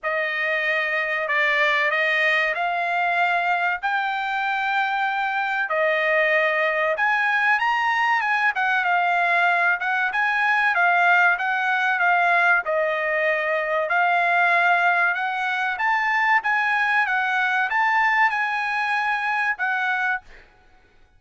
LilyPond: \new Staff \with { instrumentName = "trumpet" } { \time 4/4 \tempo 4 = 95 dis''2 d''4 dis''4 | f''2 g''2~ | g''4 dis''2 gis''4 | ais''4 gis''8 fis''8 f''4. fis''8 |
gis''4 f''4 fis''4 f''4 | dis''2 f''2 | fis''4 a''4 gis''4 fis''4 | a''4 gis''2 fis''4 | }